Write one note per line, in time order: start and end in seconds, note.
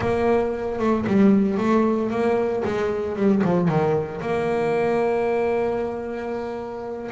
0.00 0.78 A#3
0.78 1.05 A3
1.06 1.57 G3
1.57 2.10 A3
2.10 2.63 A#3
2.64 3.16 G#3
3.16 3.42 G3
3.44 3.68 F3
3.68 4.21 D#3
4.21 7.10 A#3